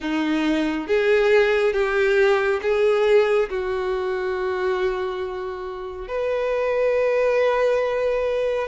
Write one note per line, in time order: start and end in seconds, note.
0.00 0.87 D#4
0.87 1.73 G#4
1.73 2.60 G4
2.62 3.49 G#4
3.49 6.08 F#4
6.08 8.67 B4